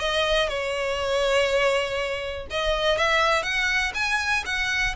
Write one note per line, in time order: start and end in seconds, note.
0.00 0.49 D#5
0.49 2.47 C#5
2.51 2.98 D#5
2.98 3.43 E5
3.43 3.93 F#5
3.95 4.44 G#5
4.46 4.96 F#5